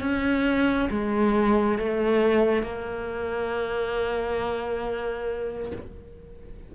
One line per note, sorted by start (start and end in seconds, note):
0.00 0.88 C#4
0.90 1.78 G#3
1.78 2.63 A3
2.63 5.71 A#3